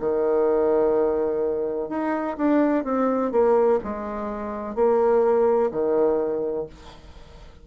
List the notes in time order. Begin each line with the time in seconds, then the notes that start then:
0.00 D#3
1.89 D#4
2.37 D4
2.84 C4
3.32 A#3
3.84 G#3
4.76 A#3
5.71 D#3